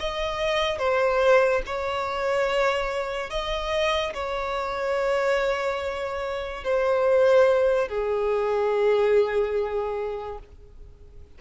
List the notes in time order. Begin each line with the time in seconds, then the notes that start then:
0.00 D#5
0.79 C5
1.66 C#5
3.30 D#5
4.14 C#5
6.64 C5
7.89 G#4